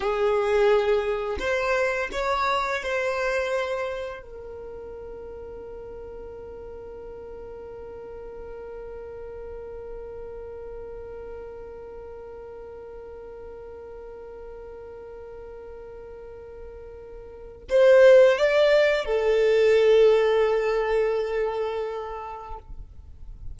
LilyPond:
\new Staff \with { instrumentName = "violin" } { \time 4/4 \tempo 4 = 85 gis'2 c''4 cis''4 | c''2 ais'2~ | ais'1~ | ais'1~ |
ais'1~ | ais'1~ | ais'4 c''4 d''4 a'4~ | a'1 | }